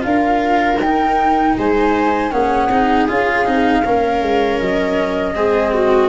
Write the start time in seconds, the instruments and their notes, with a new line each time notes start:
0.00 tuba D4, cello F4, flute F5
0.07 viola A#4
0.78 tuba D#4, flute G5
0.84 cello D#4
1.58 tuba G#3, viola C5, flute G#5
2.31 tuba A#3, cello C#4, viola G#4, flute F#5
2.69 tuba C4, cello D#4
3.08 tuba C#4, cello F4, flute F5
3.46 tuba C4, cello D#4
3.82 tuba A#3, cello C#4, viola A#4
4.22 tuba G#3
4.60 tuba F#3, flute D#5
5.35 tuba G#3, cello C4, viola G#4
5.74 viola F#4